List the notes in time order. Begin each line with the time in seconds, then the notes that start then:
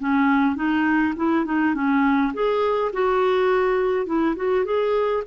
0.00 C#4
0.56 D#4
1.17 E4
1.46 D#4
1.75 C#4
2.34 G#4
2.93 F#4
4.06 E4
4.37 F#4
4.65 G#4